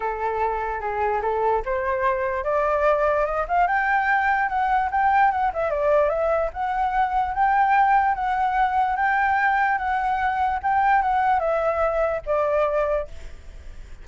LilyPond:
\new Staff \with { instrumentName = "flute" } { \time 4/4 \tempo 4 = 147 a'2 gis'4 a'4 | c''2 d''2 | dis''8 f''8 g''2 fis''4 | g''4 fis''8 e''8 d''4 e''4 |
fis''2 g''2 | fis''2 g''2 | fis''2 g''4 fis''4 | e''2 d''2 | }